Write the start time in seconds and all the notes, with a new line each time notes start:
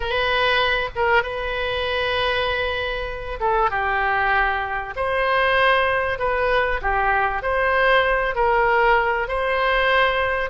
0.00 B4
0.95 A#4
1.23 B4
3.39 A4
3.70 G4
4.96 C5
6.19 B4
6.81 G4
7.42 C5
8.35 A#4
9.28 C5